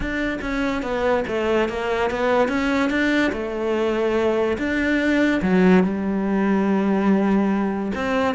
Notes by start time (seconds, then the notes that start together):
0.00 D4
0.41 C#4
0.82 B3
1.27 A3
1.68 A#3
2.10 B3
2.48 C#4
2.89 D4
3.32 A3
4.57 D4
5.42 F#3
5.83 G3
7.94 C4